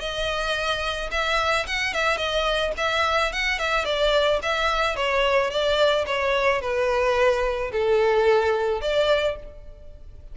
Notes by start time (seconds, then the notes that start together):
0.00 D#5
1.11 E5
1.67 F#5
1.93 E5
2.17 D#5
2.77 E5
3.33 F#5
3.59 E5
3.85 D5
4.42 E5
4.96 C#5
5.50 D5
6.06 C#5
6.61 B4
7.72 A4
8.81 D5